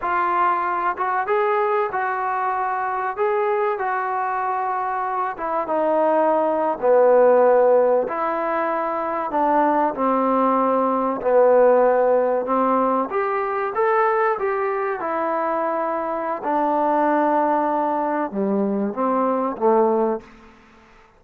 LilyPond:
\new Staff \with { instrumentName = "trombone" } { \time 4/4 \tempo 4 = 95 f'4. fis'8 gis'4 fis'4~ | fis'4 gis'4 fis'2~ | fis'8 e'8 dis'4.~ dis'16 b4~ b16~ | b8. e'2 d'4 c'16~ |
c'4.~ c'16 b2 c'16~ | c'8. g'4 a'4 g'4 e'16~ | e'2 d'2~ | d'4 g4 c'4 a4 | }